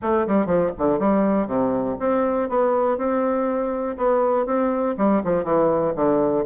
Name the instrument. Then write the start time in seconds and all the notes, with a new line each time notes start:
bassoon
0.02 A3
0.27 G3
0.46 F3
0.78 D3
0.99 G3
1.47 C3
1.99 C4
2.49 B3
2.97 C4
3.97 B3
4.46 C4
4.97 G3
5.23 F3
5.44 E3
5.95 D3